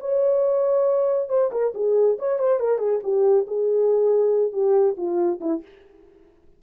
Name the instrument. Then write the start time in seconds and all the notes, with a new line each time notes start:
horn
0.00 C#5
1.29 C5
1.52 A#4
1.75 G#4
2.19 C#5
2.39 C5
2.60 A#4
2.79 G#4
3.03 G4
3.47 G#4
4.52 G4
4.97 F4
5.41 E4